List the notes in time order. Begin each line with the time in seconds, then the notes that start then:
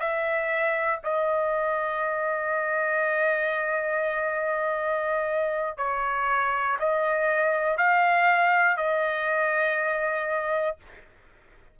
0.00 E5
1.04 D#5
5.78 C#5
6.80 D#5
7.78 F5
8.78 D#5